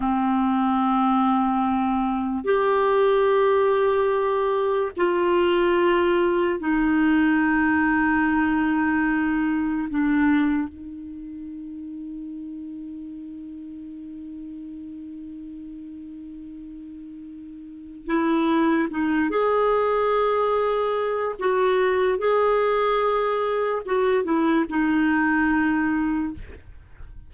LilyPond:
\new Staff \with { instrumentName = "clarinet" } { \time 4/4 \tempo 4 = 73 c'2. g'4~ | g'2 f'2 | dis'1 | d'4 dis'2.~ |
dis'1~ | dis'2 e'4 dis'8 gis'8~ | gis'2 fis'4 gis'4~ | gis'4 fis'8 e'8 dis'2 | }